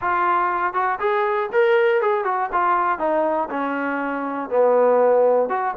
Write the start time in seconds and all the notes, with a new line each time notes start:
0.01 F4
0.73 F#4
0.99 G#4
1.52 A#4
2.01 G#4
2.24 F#4
2.52 F4
2.98 D#4
3.50 C#4
4.49 B3
5.49 F#4